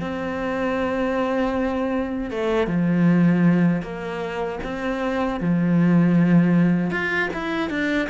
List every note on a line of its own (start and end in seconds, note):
0.00 2.30 C4
2.30 2.66 A3
2.66 3.82 F3
3.82 4.59 A#3
4.63 5.40 C4
5.40 6.90 F3
6.90 7.29 F4
7.33 7.69 E4
7.69 8.08 D4